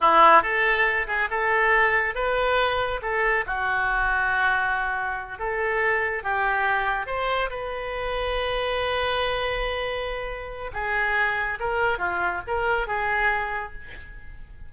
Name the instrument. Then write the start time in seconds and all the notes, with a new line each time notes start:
oboe
0.00 E4
0.42 A4
1.07 G#4
1.30 A4
2.14 B4
3.01 A4
3.46 F#4
5.38 A4
6.23 G4
7.06 C5
7.49 B4
10.73 G#4
11.59 A#4
11.98 F4
12.47 A#4
12.87 G#4